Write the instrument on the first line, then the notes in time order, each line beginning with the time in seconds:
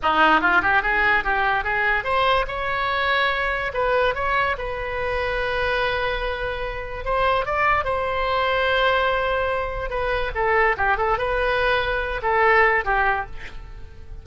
oboe
0.02 D#4
0.40 F4
0.62 G4
0.82 G#4
1.23 G4
1.64 G#4
2.04 C5
2.47 C#5
3.73 B4
4.15 C#5
4.58 B4
7.05 C5
7.45 D5
7.84 C5
9.90 B4
10.34 A4
10.77 G4
10.97 A4
11.17 B4
12.22 A4
12.84 G4